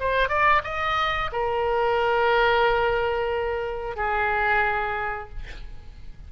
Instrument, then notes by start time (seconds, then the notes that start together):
oboe
0.00 C5
0.29 D5
0.64 D#5
1.33 A#4
3.97 G#4